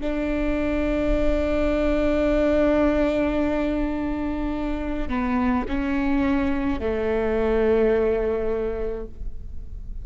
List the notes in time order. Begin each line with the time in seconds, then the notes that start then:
0.00 D4
5.08 B3
5.68 C#4
6.79 A3